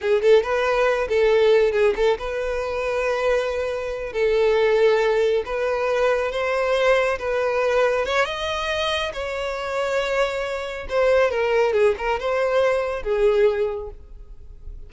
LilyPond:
\new Staff \with { instrumentName = "violin" } { \time 4/4 \tempo 4 = 138 gis'8 a'8 b'4. a'4. | gis'8 a'8 b'2.~ | b'4. a'2~ a'8~ | a'8 b'2 c''4.~ |
c''8 b'2 cis''8 dis''4~ | dis''4 cis''2.~ | cis''4 c''4 ais'4 gis'8 ais'8 | c''2 gis'2 | }